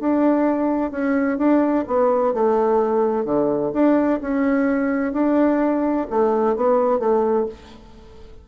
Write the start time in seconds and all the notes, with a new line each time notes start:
0.00 D4
0.91 C#4
1.38 D4
1.87 B3
2.34 A3
3.25 D3
3.74 D4
4.21 C#4
5.13 D4
6.10 A3
6.56 B3
7.00 A3